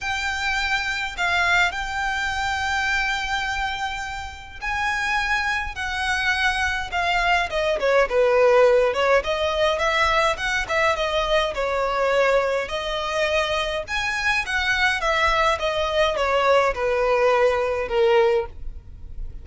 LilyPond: \new Staff \with { instrumentName = "violin" } { \time 4/4 \tempo 4 = 104 g''2 f''4 g''4~ | g''1 | gis''2 fis''2 | f''4 dis''8 cis''8 b'4. cis''8 |
dis''4 e''4 fis''8 e''8 dis''4 | cis''2 dis''2 | gis''4 fis''4 e''4 dis''4 | cis''4 b'2 ais'4 | }